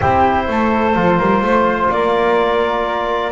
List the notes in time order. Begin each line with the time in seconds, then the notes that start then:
0.00 C4 E4 G4 C5
0.48 A3 A4
0.94 F3 F4
1.18 G3 A#4
1.41 A3 C5
1.89 A#3 A#4 D5